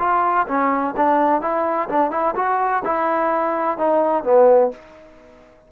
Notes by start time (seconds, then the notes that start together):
0.00 F4
0.48 C#4
0.97 D4
1.42 E4
1.89 D4
2.12 E4
2.36 F#4
2.85 E4
3.78 D#4
4.24 B3